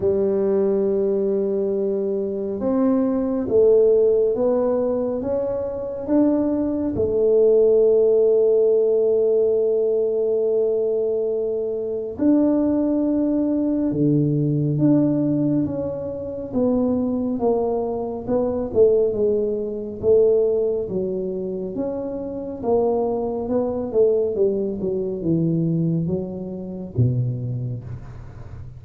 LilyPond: \new Staff \with { instrumentName = "tuba" } { \time 4/4 \tempo 4 = 69 g2. c'4 | a4 b4 cis'4 d'4 | a1~ | a2 d'2 |
d4 d'4 cis'4 b4 | ais4 b8 a8 gis4 a4 | fis4 cis'4 ais4 b8 a8 | g8 fis8 e4 fis4 b,4 | }